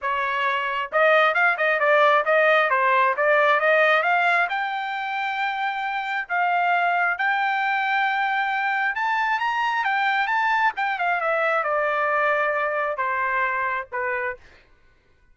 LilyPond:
\new Staff \with { instrumentName = "trumpet" } { \time 4/4 \tempo 4 = 134 cis''2 dis''4 f''8 dis''8 | d''4 dis''4 c''4 d''4 | dis''4 f''4 g''2~ | g''2 f''2 |
g''1 | a''4 ais''4 g''4 a''4 | g''8 f''8 e''4 d''2~ | d''4 c''2 b'4 | }